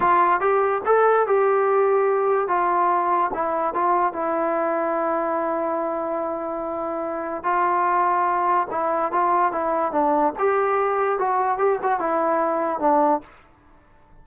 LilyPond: \new Staff \with { instrumentName = "trombone" } { \time 4/4 \tempo 4 = 145 f'4 g'4 a'4 g'4~ | g'2 f'2 | e'4 f'4 e'2~ | e'1~ |
e'2 f'2~ | f'4 e'4 f'4 e'4 | d'4 g'2 fis'4 | g'8 fis'8 e'2 d'4 | }